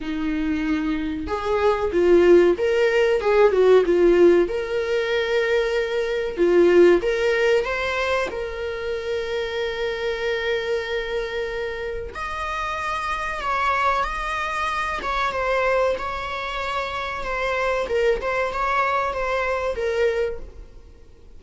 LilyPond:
\new Staff \with { instrumentName = "viola" } { \time 4/4 \tempo 4 = 94 dis'2 gis'4 f'4 | ais'4 gis'8 fis'8 f'4 ais'4~ | ais'2 f'4 ais'4 | c''4 ais'2.~ |
ais'2. dis''4~ | dis''4 cis''4 dis''4. cis''8 | c''4 cis''2 c''4 | ais'8 c''8 cis''4 c''4 ais'4 | }